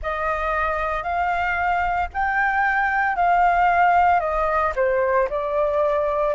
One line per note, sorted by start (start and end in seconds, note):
0.02 1.02 D#5
1.02 2.08 F5
2.13 3.16 G5
3.16 4.20 F5
4.20 4.72 D#5
4.75 5.28 C5
5.29 6.34 D5